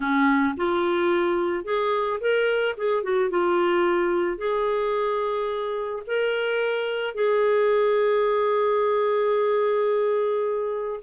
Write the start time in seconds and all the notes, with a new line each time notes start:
0.00 C#4
0.57 F4
1.64 G#4
2.20 A#4
2.77 G#4
3.03 F#4
3.30 F4
4.37 G#4
6.07 A#4
7.14 G#4